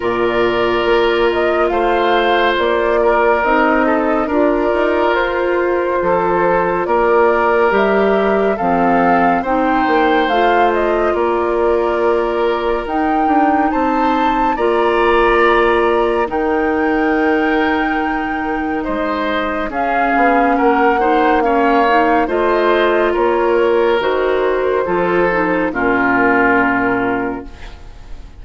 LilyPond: <<
  \new Staff \with { instrumentName = "flute" } { \time 4/4 \tempo 4 = 70 d''4. dis''8 f''4 d''4 | dis''4 d''4 c''2 | d''4 e''4 f''4 g''4 | f''8 dis''8 d''2 g''4 |
a''4 ais''2 g''4~ | g''2 dis''4 f''4 | fis''4 f''4 dis''4 cis''4 | c''2 ais'2 | }
  \new Staff \with { instrumentName = "oboe" } { \time 4/4 ais'2 c''4. ais'8~ | ais'8 a'8 ais'2 a'4 | ais'2 a'4 c''4~ | c''4 ais'2. |
c''4 d''2 ais'4~ | ais'2 c''4 gis'4 | ais'8 c''8 cis''4 c''4 ais'4~ | ais'4 a'4 f'2 | }
  \new Staff \with { instrumentName = "clarinet" } { \time 4/4 f'1 | dis'4 f'2.~ | f'4 g'4 c'4 dis'4 | f'2. dis'4~ |
dis'4 f'2 dis'4~ | dis'2. cis'4~ | cis'8 dis'8 cis'8 dis'8 f'2 | fis'4 f'8 dis'8 cis'2 | }
  \new Staff \with { instrumentName = "bassoon" } { \time 4/4 ais,4 ais4 a4 ais4 | c'4 d'8 dis'8 f'4 f4 | ais4 g4 f4 c'8 ais8 | a4 ais2 dis'8 d'8 |
c'4 ais2 dis4~ | dis2 gis4 cis'8 b8 | ais2 a4 ais4 | dis4 f4 ais,2 | }
>>